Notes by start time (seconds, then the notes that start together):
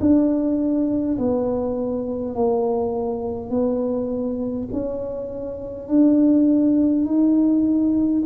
0.00 D4
1.18 B3
2.35 A#3
3.50 B3
4.73 C#4
5.88 D4
7.05 D#4